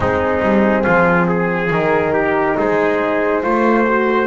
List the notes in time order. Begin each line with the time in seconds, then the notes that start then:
0.00 G#3 C4 D#4 G#4
0.41 G3
0.83 F3 F4
1.28 G#4
1.70 D#3 D#4 A#4
2.13 G4
2.57 G#3 G#4 C5
3.42 A3 F4 C5
3.85 F#4